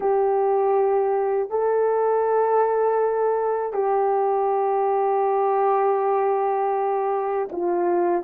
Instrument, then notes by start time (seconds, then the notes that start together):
horn
0.00 G4
1.50 A4
3.73 G4
7.52 F4